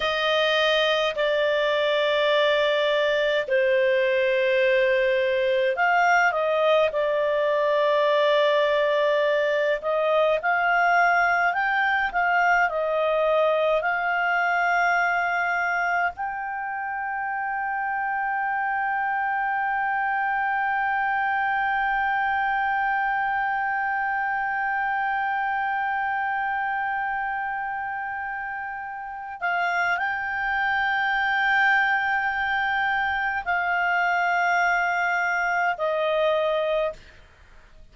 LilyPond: \new Staff \with { instrumentName = "clarinet" } { \time 4/4 \tempo 4 = 52 dis''4 d''2 c''4~ | c''4 f''8 dis''8 d''2~ | d''8 dis''8 f''4 g''8 f''8 dis''4 | f''2 g''2~ |
g''1~ | g''1~ | g''4. f''8 g''2~ | g''4 f''2 dis''4 | }